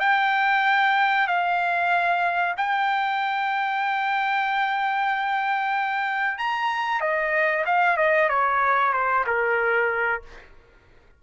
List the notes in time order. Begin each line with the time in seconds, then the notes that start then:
0.00 G5
1.28 F5
2.57 G5
6.39 A#5
7.01 D#5
7.66 F5
7.97 D#5
8.29 C#5
8.93 C5
9.27 A#4